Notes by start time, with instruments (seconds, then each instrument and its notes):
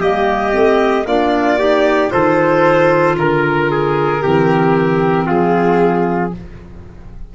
0.00 tuba G3, clarinet A#3, trumpet G4, violin D#5
0.52 tuba A3, clarinet C4
1.06 tuba A#3, clarinet D4, trumpet F4, violin D5
1.58 clarinet D#4, trumpet G4
2.10 tuba D#3, clarinet F4, trumpet A4, violin C5
3.17 tuba D3, violin A#4, trumpet A#4
3.71 trumpet G#4
4.21 tuba E3, clarinet C4, trumpet G4
5.27 tuba F3, trumpet F4, violin G#4